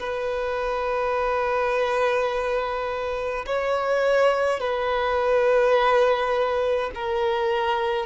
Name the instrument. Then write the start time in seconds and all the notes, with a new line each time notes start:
violin
0.00 B4
3.47 C#5
4.60 B4
6.95 A#4